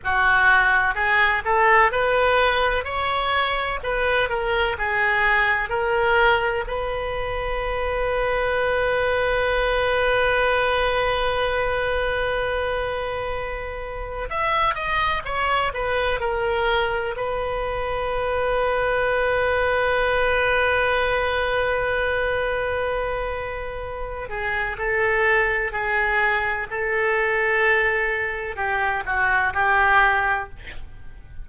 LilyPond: \new Staff \with { instrumentName = "oboe" } { \time 4/4 \tempo 4 = 63 fis'4 gis'8 a'8 b'4 cis''4 | b'8 ais'8 gis'4 ais'4 b'4~ | b'1~ | b'2. e''8 dis''8 |
cis''8 b'8 ais'4 b'2~ | b'1~ | b'4. gis'8 a'4 gis'4 | a'2 g'8 fis'8 g'4 | }